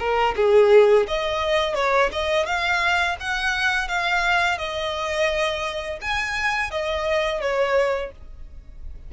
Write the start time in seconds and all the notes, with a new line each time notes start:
0.00 A#4
0.37 G#4
1.08 D#5
1.75 C#5
2.12 D#5
2.46 F5
3.21 F#5
3.88 F5
4.59 D#5
6.02 G#5
6.71 D#5
7.41 C#5